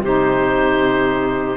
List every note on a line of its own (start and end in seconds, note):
0.00 1.56 C3
0.00 1.56 D#4
0.00 1.56 G4
0.00 1.56 C5